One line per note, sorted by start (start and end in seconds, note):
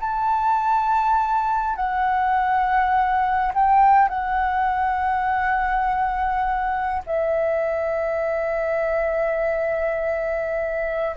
0.00 1.75 A5
1.75 3.52 F#5
3.53 4.08 G5
4.08 7.02 F#5
7.06 11.16 E5